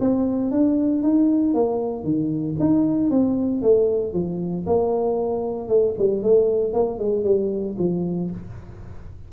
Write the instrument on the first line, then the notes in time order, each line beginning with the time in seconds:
tuba
0.00 C4
0.51 D4
1.03 D#4
1.54 A#3
2.04 D#3
2.60 D#4
3.11 C4
3.62 A3
4.13 F3
4.67 A#3
5.69 A3
5.99 G3
6.23 A3
6.74 A#3
6.99 G#3
7.24 G3
7.79 F3